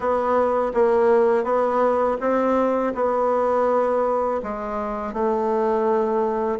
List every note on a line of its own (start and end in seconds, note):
0.00 0.72 B3
0.74 1.44 A#3
1.44 2.17 B3
2.20 2.93 C4
2.94 4.41 B3
4.42 5.13 G#3
5.13 6.59 A3